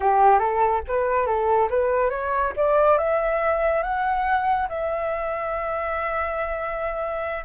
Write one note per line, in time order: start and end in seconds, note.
0.00 0.39 G4
0.39 0.81 A4
0.87 1.26 B4
1.26 1.68 A4
1.69 2.10 B4
2.10 2.52 C#5
2.56 2.98 D5
2.98 3.82 E5
3.82 4.68 F#5
4.68 7.44 E5